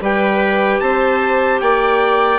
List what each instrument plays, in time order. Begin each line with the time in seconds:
0.00 bassoon G3, clarinet G4, viola B4, trumpet G5
0.80 bassoon C4, viola C5, trumpet A5
1.60 bassoon A#3, viola D5, trumpet G5